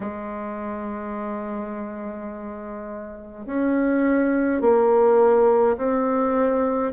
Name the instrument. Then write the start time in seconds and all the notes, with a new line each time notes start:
bassoon
0.00 G#3
3.46 C#4
4.61 A#3
5.77 C4